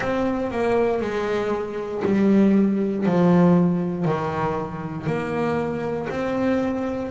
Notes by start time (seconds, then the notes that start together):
0.00 C4
0.51 A#3
1.01 G#3
2.04 G3
3.06 F3
4.04 D#3
5.06 A#3
6.09 C4